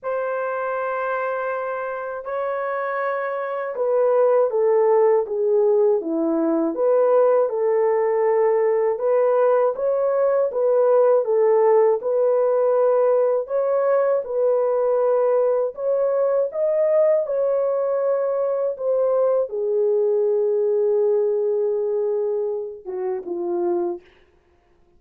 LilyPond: \new Staff \with { instrumentName = "horn" } { \time 4/4 \tempo 4 = 80 c''2. cis''4~ | cis''4 b'4 a'4 gis'4 | e'4 b'4 a'2 | b'4 cis''4 b'4 a'4 |
b'2 cis''4 b'4~ | b'4 cis''4 dis''4 cis''4~ | cis''4 c''4 gis'2~ | gis'2~ gis'8 fis'8 f'4 | }